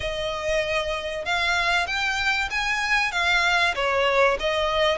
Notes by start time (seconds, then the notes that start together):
0.00 D#5
1.25 F5
1.86 G5
2.50 G#5
3.11 F5
3.75 C#5
4.39 D#5